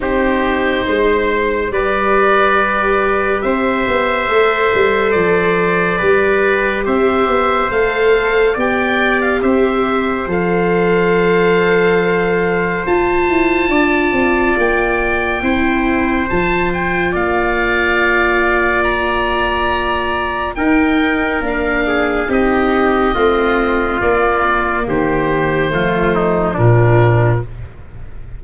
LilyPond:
<<
  \new Staff \with { instrumentName = "oboe" } { \time 4/4 \tempo 4 = 70 c''2 d''2 | e''2 d''2 | e''4 f''4 g''8. f''16 e''4 | f''2. a''4~ |
a''4 g''2 a''8 g''8 | f''2 ais''2 | g''4 f''4 dis''2 | d''4 c''2 ais'4 | }
  \new Staff \with { instrumentName = "trumpet" } { \time 4/4 g'4 c''4 b'2 | c''2. b'4 | c''2 d''4 c''4~ | c''1 |
d''2 c''2 | d''1 | ais'4. gis'8 g'4 f'4~ | f'4 g'4 f'8 dis'8 d'4 | }
  \new Staff \with { instrumentName = "viola" } { \time 4/4 dis'2 g'2~ | g'4 a'2 g'4~ | g'4 a'4 g'2 | a'2. f'4~ |
f'2 e'4 f'4~ | f'1 | dis'4 d'4 dis'4 c'4 | ais2 a4 f4 | }
  \new Staff \with { instrumentName = "tuba" } { \time 4/4 c'4 gis4 g2 | c'8 b8 a8 g8 f4 g4 | c'8 b8 a4 b4 c'4 | f2. f'8 e'8 |
d'8 c'8 ais4 c'4 f4 | ais1 | dis'4 ais4 c'4 a4 | ais4 dis4 f4 ais,4 | }
>>